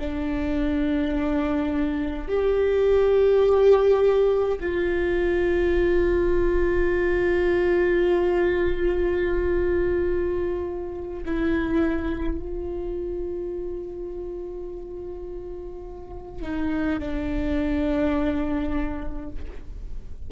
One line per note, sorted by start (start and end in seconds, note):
0.00 2.29 D4
2.29 4.59 G4
4.60 11.24 F4
11.26 12.40 E4
12.40 16.43 F4
16.43 17.00 D#4
17.00 19.31 D4